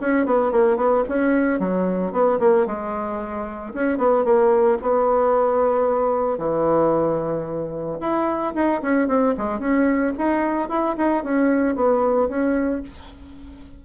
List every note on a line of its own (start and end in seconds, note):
0.00 0.25 C#4
0.25 0.51 B3
0.51 0.76 A#3
0.76 1.03 B3
1.08 1.59 C#4
1.59 2.12 F#3
2.12 2.39 B3
2.39 2.66 A#3
2.66 3.73 G#3
3.73 3.97 C#4
3.97 4.24 B3
4.24 4.78 A#3
4.81 6.37 B3
6.37 7.98 E3
8.00 8.53 E4
8.54 8.81 D#4
8.81 9.07 C#4
9.07 9.34 C4
9.37 9.59 G#3
9.59 10.12 C#4
10.17 10.69 D#4
10.69 10.96 E4
10.97 11.24 D#4
11.24 11.75 C#4
11.75 12.28 B3
12.28 12.82 C#4